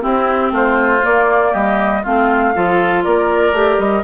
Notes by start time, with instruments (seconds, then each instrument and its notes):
0.00 clarinet C4, bassoon C4, oboe E4, flute G4
0.51 bassoon A3, oboe F4, flute C5
1.02 clarinet A#3, bassoon A#3, flute D5
1.52 bassoon G3, oboe G4, flute D#5
2.02 bassoon A3, clarinet C4, oboe F4, flute F5
2.54 bassoon F3, clarinet F4, oboe A4
3.03 bassoon A#3, oboe A#4, flute D5
3.52 bassoon A3, clarinet G4
3.78 bassoon G3, flute D#5